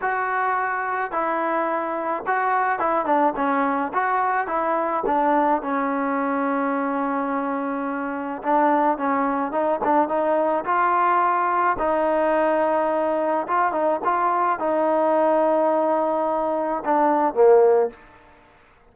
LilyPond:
\new Staff \with { instrumentName = "trombone" } { \time 4/4 \tempo 4 = 107 fis'2 e'2 | fis'4 e'8 d'8 cis'4 fis'4 | e'4 d'4 cis'2~ | cis'2. d'4 |
cis'4 dis'8 d'8 dis'4 f'4~ | f'4 dis'2. | f'8 dis'8 f'4 dis'2~ | dis'2 d'4 ais4 | }